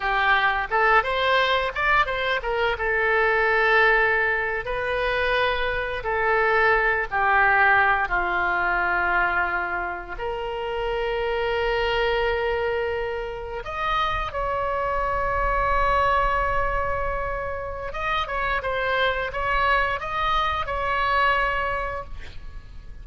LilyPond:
\new Staff \with { instrumentName = "oboe" } { \time 4/4 \tempo 4 = 87 g'4 a'8 c''4 d''8 c''8 ais'8 | a'2~ a'8. b'4~ b'16~ | b'8. a'4. g'4. f'16~ | f'2~ f'8. ais'4~ ais'16~ |
ais'2.~ ais'8. dis''16~ | dis''8. cis''2.~ cis''16~ | cis''2 dis''8 cis''8 c''4 | cis''4 dis''4 cis''2 | }